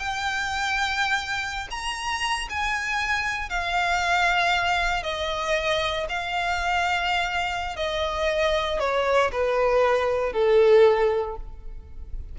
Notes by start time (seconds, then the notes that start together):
0.00 G5
1.71 A#5
2.50 G#5
3.50 F5
5.04 D#5
6.09 F5
7.77 D#5
8.80 C#5
9.32 B4
10.33 A4